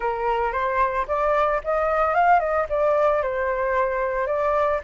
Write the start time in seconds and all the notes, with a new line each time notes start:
0.00 A#4
0.52 C5
1.07 D5
1.64 D#5
2.14 F5
2.39 D#5
2.69 D5
3.22 C5
4.26 D5